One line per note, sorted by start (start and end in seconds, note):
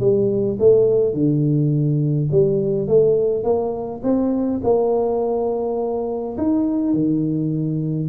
0.00 0.58 G3
0.59 1.14 A3
1.14 2.29 D3
2.32 2.87 G3
2.87 3.44 A3
3.44 4.01 A#3
4.03 4.61 C4
4.64 6.37 A#3
6.37 6.93 D#4
6.93 8.09 D#3